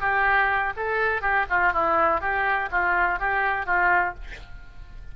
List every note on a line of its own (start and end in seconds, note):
0.00 0.73 G4
0.76 1.21 A4
1.21 1.45 G4
1.49 1.72 F4
1.72 2.20 E4
2.20 2.69 G4
2.71 3.19 F4
3.19 3.66 G4
3.66 4.14 F4